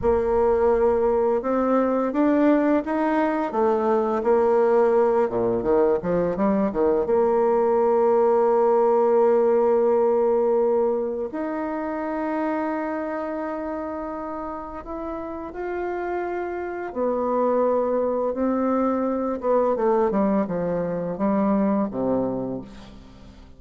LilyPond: \new Staff \with { instrumentName = "bassoon" } { \time 4/4 \tempo 4 = 85 ais2 c'4 d'4 | dis'4 a4 ais4. ais,8 | dis8 f8 g8 dis8 ais2~ | ais1 |
dis'1~ | dis'4 e'4 f'2 | b2 c'4. b8 | a8 g8 f4 g4 c4 | }